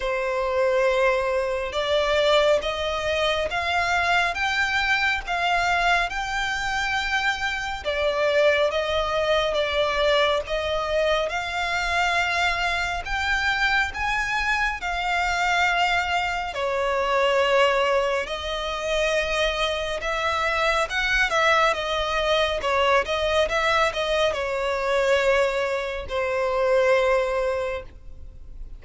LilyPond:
\new Staff \with { instrumentName = "violin" } { \time 4/4 \tempo 4 = 69 c''2 d''4 dis''4 | f''4 g''4 f''4 g''4~ | g''4 d''4 dis''4 d''4 | dis''4 f''2 g''4 |
gis''4 f''2 cis''4~ | cis''4 dis''2 e''4 | fis''8 e''8 dis''4 cis''8 dis''8 e''8 dis''8 | cis''2 c''2 | }